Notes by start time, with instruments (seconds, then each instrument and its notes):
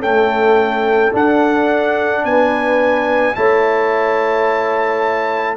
0.00 trombone A3, tuba C#4, horn A4, trumpet G5
1.13 trombone D4, tuba D4, trumpet F#5
2.25 tuba B3, horn B4, trumpet G#5
3.36 tuba A3, trombone E4, horn C#5, trumpet A5